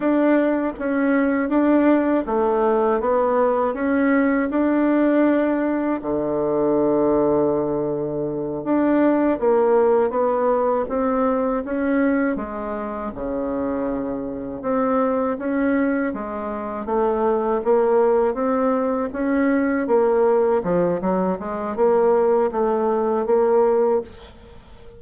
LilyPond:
\new Staff \with { instrumentName = "bassoon" } { \time 4/4 \tempo 4 = 80 d'4 cis'4 d'4 a4 | b4 cis'4 d'2 | d2.~ d8 d'8~ | d'8 ais4 b4 c'4 cis'8~ |
cis'8 gis4 cis2 c'8~ | c'8 cis'4 gis4 a4 ais8~ | ais8 c'4 cis'4 ais4 f8 | fis8 gis8 ais4 a4 ais4 | }